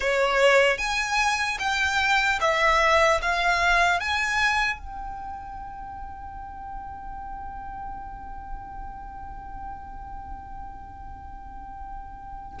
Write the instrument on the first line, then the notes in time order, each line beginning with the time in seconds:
violin
0.00 C#5
0.78 G#5
1.59 G5
2.40 E5
3.21 F5
4.00 G#5
4.79 G5